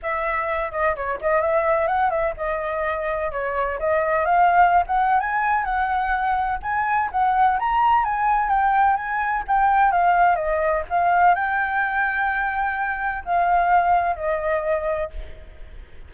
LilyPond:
\new Staff \with { instrumentName = "flute" } { \time 4/4 \tempo 4 = 127 e''4. dis''8 cis''8 dis''8 e''4 | fis''8 e''8 dis''2 cis''4 | dis''4 f''4~ f''16 fis''8. gis''4 | fis''2 gis''4 fis''4 |
ais''4 gis''4 g''4 gis''4 | g''4 f''4 dis''4 f''4 | g''1 | f''2 dis''2 | }